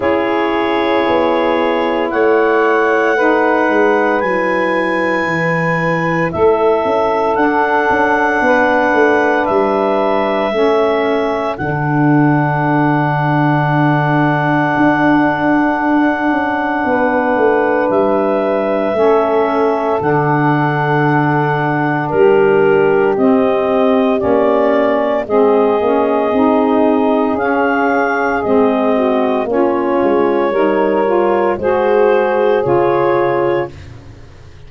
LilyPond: <<
  \new Staff \with { instrumentName = "clarinet" } { \time 4/4 \tempo 4 = 57 cis''2 fis''2 | gis''2 e''4 fis''4~ | fis''4 e''2 fis''4~ | fis''1~ |
fis''4 e''2 fis''4~ | fis''4 ais'4 dis''4 d''4 | dis''2 f''4 dis''4 | cis''2 c''4 cis''4 | }
  \new Staff \with { instrumentName = "saxophone" } { \time 4/4 gis'2 cis''4 b'4~ | b'2 a'2 | b'2 a'2~ | a'1 |
b'2 a'2~ | a'4 g'2. | gis'2.~ gis'8 fis'8 | f'4 ais'4 gis'2 | }
  \new Staff \with { instrumentName = "saxophone" } { \time 4/4 e'2. dis'4 | e'2. d'4~ | d'2 cis'4 d'4~ | d'1~ |
d'2 cis'4 d'4~ | d'2 c'4 cis'4 | c'8 cis'8 dis'4 cis'4 c'4 | cis'4 dis'8 f'8 fis'4 f'4 | }
  \new Staff \with { instrumentName = "tuba" } { \time 4/4 cis'4 b4 a4. gis8 | fis4 e4 a8 cis'8 d'8 cis'8 | b8 a8 g4 a4 d4~ | d2 d'4. cis'8 |
b8 a8 g4 a4 d4~ | d4 g4 c'4 ais4 | gis8 ais8 c'4 cis'4 gis4 | ais8 gis8 g4 gis4 cis4 | }
>>